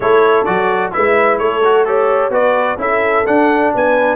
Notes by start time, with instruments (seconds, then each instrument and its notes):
0.00 tuba A3, trombone E4, horn A4, trumpet C#5
0.44 tuba F#3, trombone F#4, trumpet D5
0.92 tuba G#3, trombone E4, horn B4, trumpet E5
1.38 tuba A3, horn A4, trumpet C#5
1.64 trombone F#4
1.85 trombone G4, trumpet A4, horn C#5
2.29 tuba B3, trombone F#4, horn B4, trumpet D5
2.77 tuba C#4, trombone E4, horn A4, trumpet E5
3.26 trombone D4, tuba D4, trumpet F#5
3.73 tuba B3, horn B4, trumpet G#5